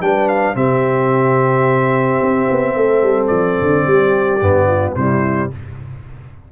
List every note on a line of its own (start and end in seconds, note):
0.00 0.55 G3
0.00 0.54 D4
0.00 0.55 B4
0.00 0.28 G5
0.28 0.55 F5
0.54 2.20 C3
0.54 4.40 C4
0.54 2.75 G4
0.54 3.27 E5
2.21 2.48 C4
2.50 2.75 B3
2.75 3.02 A3
2.75 3.85 A4
3.02 3.29 G3
3.27 3.57 F3
3.27 4.92 D5
3.60 3.86 D3
3.85 4.41 G3
3.85 4.66 G4
4.41 4.95 G2
4.41 4.96 B3
4.66 4.94 F4
4.95 5.50 C3
4.95 5.51 G3
4.95 5.50 E4
4.95 5.50 C5